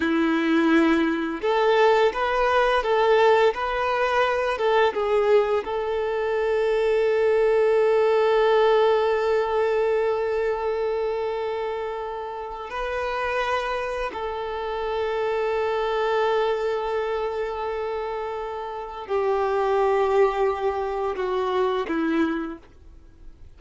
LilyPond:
\new Staff \with { instrumentName = "violin" } { \time 4/4 \tempo 4 = 85 e'2 a'4 b'4 | a'4 b'4. a'8 gis'4 | a'1~ | a'1~ |
a'2 b'2 | a'1~ | a'2. g'4~ | g'2 fis'4 e'4 | }